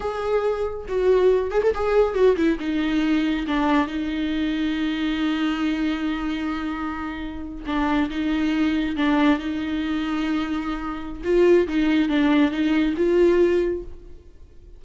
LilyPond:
\new Staff \with { instrumentName = "viola" } { \time 4/4 \tempo 4 = 139 gis'2 fis'4. gis'16 a'16 | gis'4 fis'8 e'8 dis'2 | d'4 dis'2.~ | dis'1~ |
dis'4.~ dis'16 d'4 dis'4~ dis'16~ | dis'8. d'4 dis'2~ dis'16~ | dis'2 f'4 dis'4 | d'4 dis'4 f'2 | }